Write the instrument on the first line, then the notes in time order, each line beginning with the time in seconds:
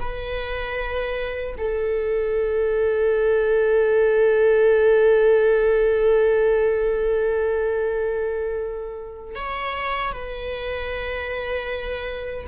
viola
0.00 B4
1.58 A4
9.35 C#5
10.13 B4